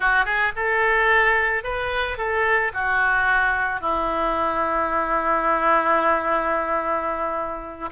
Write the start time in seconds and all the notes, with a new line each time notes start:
0.00 F#4
0.25 G#4
0.56 A4
1.63 B4
2.17 A4
2.73 F#4
3.81 E4